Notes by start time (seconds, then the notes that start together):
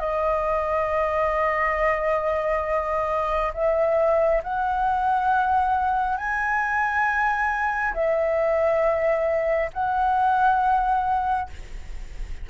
0.00 D#5
3.54 E5
4.44 F#5
6.17 G#5
7.95 E5
9.73 F#5